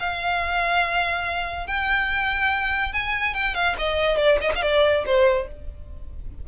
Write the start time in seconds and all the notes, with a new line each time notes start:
0.00 F5
1.67 G5
2.93 G#5
3.34 G5
3.55 F5
3.79 D#5
4.17 D5
4.41 D#5
4.56 F5
4.63 D5
5.06 C5